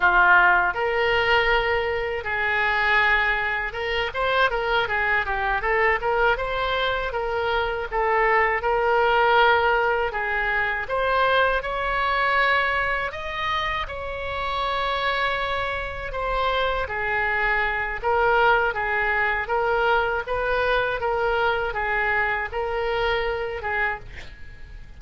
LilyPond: \new Staff \with { instrumentName = "oboe" } { \time 4/4 \tempo 4 = 80 f'4 ais'2 gis'4~ | gis'4 ais'8 c''8 ais'8 gis'8 g'8 a'8 | ais'8 c''4 ais'4 a'4 ais'8~ | ais'4. gis'4 c''4 cis''8~ |
cis''4. dis''4 cis''4.~ | cis''4. c''4 gis'4. | ais'4 gis'4 ais'4 b'4 | ais'4 gis'4 ais'4. gis'8 | }